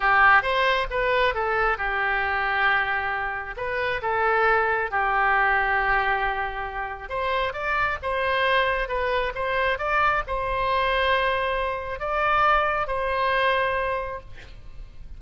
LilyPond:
\new Staff \with { instrumentName = "oboe" } { \time 4/4 \tempo 4 = 135 g'4 c''4 b'4 a'4 | g'1 | b'4 a'2 g'4~ | g'1 |
c''4 d''4 c''2 | b'4 c''4 d''4 c''4~ | c''2. d''4~ | d''4 c''2. | }